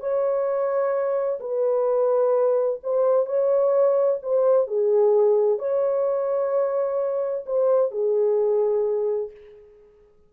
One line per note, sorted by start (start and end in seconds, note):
0.00 1.40 C#5
1.40 2.80 B4
2.84 3.26 C5
3.26 4.19 C#5
4.23 4.67 C5
4.67 5.59 G#4
5.59 7.45 C#5
7.46 7.92 C5
7.92 9.31 G#4